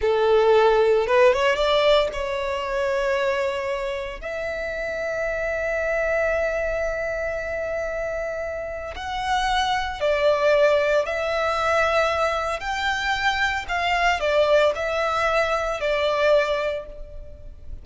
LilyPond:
\new Staff \with { instrumentName = "violin" } { \time 4/4 \tempo 4 = 114 a'2 b'8 cis''8 d''4 | cis''1 | e''1~ | e''1~ |
e''4 fis''2 d''4~ | d''4 e''2. | g''2 f''4 d''4 | e''2 d''2 | }